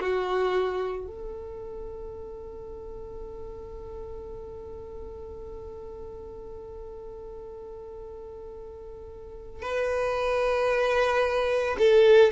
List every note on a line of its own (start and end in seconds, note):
0.00 1.07 F#4
1.07 9.62 A4
9.62 11.76 B4
11.78 12.31 A4